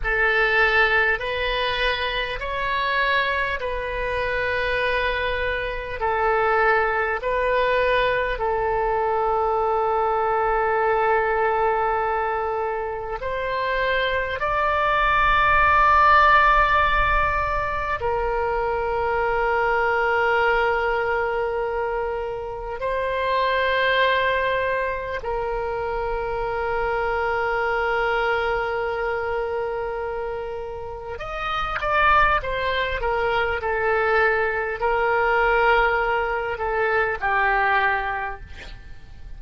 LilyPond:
\new Staff \with { instrumentName = "oboe" } { \time 4/4 \tempo 4 = 50 a'4 b'4 cis''4 b'4~ | b'4 a'4 b'4 a'4~ | a'2. c''4 | d''2. ais'4~ |
ais'2. c''4~ | c''4 ais'2.~ | ais'2 dis''8 d''8 c''8 ais'8 | a'4 ais'4. a'8 g'4 | }